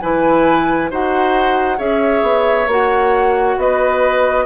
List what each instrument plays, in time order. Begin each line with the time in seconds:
0.00 bassoon E3, clarinet E4, oboe B4, flute G#5
0.91 bassoon D#4, clarinet F#4, oboe C5, flute F#5
1.77 bassoon C#4, clarinet G#4, oboe C#5, flute E5
2.23 bassoon B3
2.67 bassoon A#3, clarinet F#4, flute F#5
3.58 bassoon B3, oboe B4, flute D#5